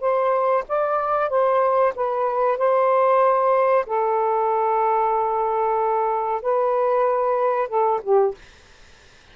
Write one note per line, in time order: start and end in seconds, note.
0.00 0.64 C5
0.68 1.29 D5
1.29 1.93 C5
1.96 2.57 B4
2.57 3.85 C5
3.86 6.41 A4
6.41 7.68 B4
7.68 8.00 A4
8.03 8.34 G4